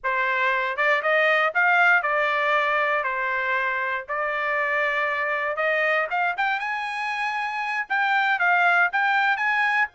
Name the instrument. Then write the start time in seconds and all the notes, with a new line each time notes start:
trumpet
0.03 C5
0.76 D5
1.02 D#5
1.54 F5
2.02 D5
3.03 C5
4.08 D5
5.56 D#5
6.10 F5
6.37 G5
6.59 G#5
7.89 G5
8.39 F5
8.92 G5
9.36 G#5